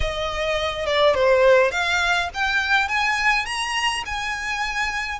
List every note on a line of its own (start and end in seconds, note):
0.00 0.85 D#5
0.85 1.14 D5
1.14 1.71 C5
1.71 2.29 F5
2.33 2.88 G5
2.88 3.45 G#5
3.45 4.03 A#5
4.05 5.19 G#5